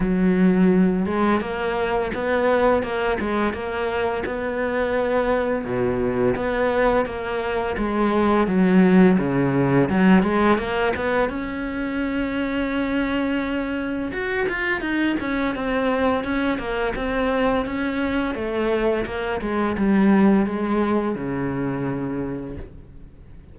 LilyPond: \new Staff \with { instrumentName = "cello" } { \time 4/4 \tempo 4 = 85 fis4. gis8 ais4 b4 | ais8 gis8 ais4 b2 | b,4 b4 ais4 gis4 | fis4 cis4 fis8 gis8 ais8 b8 |
cis'1 | fis'8 f'8 dis'8 cis'8 c'4 cis'8 ais8 | c'4 cis'4 a4 ais8 gis8 | g4 gis4 cis2 | }